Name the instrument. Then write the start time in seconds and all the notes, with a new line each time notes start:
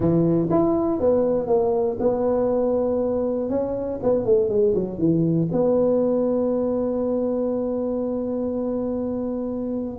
tuba
0.00 E3
0.50 E4
1.00 B3
1.47 A#3
1.99 B3
3.49 C#4
4.02 B3
4.25 A3
4.49 G#3
4.75 F#3
4.98 E3
5.52 B3